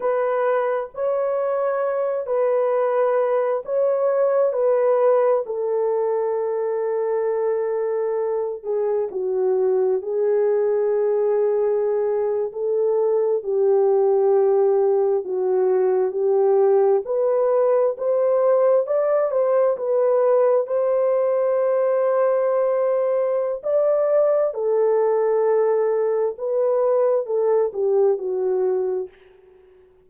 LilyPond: \new Staff \with { instrumentName = "horn" } { \time 4/4 \tempo 4 = 66 b'4 cis''4. b'4. | cis''4 b'4 a'2~ | a'4. gis'8 fis'4 gis'4~ | gis'4.~ gis'16 a'4 g'4~ g'16~ |
g'8. fis'4 g'4 b'4 c''16~ | c''8. d''8 c''8 b'4 c''4~ c''16~ | c''2 d''4 a'4~ | a'4 b'4 a'8 g'8 fis'4 | }